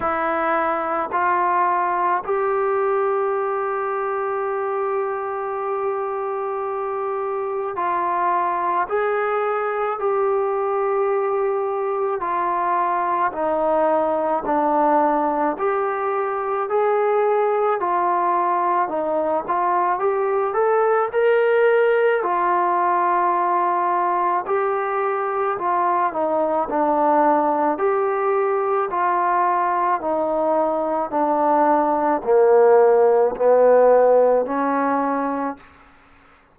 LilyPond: \new Staff \with { instrumentName = "trombone" } { \time 4/4 \tempo 4 = 54 e'4 f'4 g'2~ | g'2. f'4 | gis'4 g'2 f'4 | dis'4 d'4 g'4 gis'4 |
f'4 dis'8 f'8 g'8 a'8 ais'4 | f'2 g'4 f'8 dis'8 | d'4 g'4 f'4 dis'4 | d'4 ais4 b4 cis'4 | }